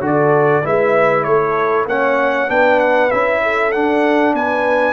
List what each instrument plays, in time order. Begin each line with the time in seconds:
0.00 tuba D3, trombone F#4, horn A4, trumpet D5
0.63 tuba G#3, trombone E4, horn B4, trumpet E5
1.23 tuba A3, horn A4, trumpet C#5
1.86 tuba A#3, trombone C#4, horn C#5, trumpet F#5
2.47 tuba B3, trombone D4, horn B4, trumpet G5
2.79 trumpet F#5
3.10 tuba C#4, trombone E4, trumpet E5
3.42 horn A4
3.72 tuba D4, trombone D4, trumpet F#5
4.33 tuba B3, horn B4, trumpet G#5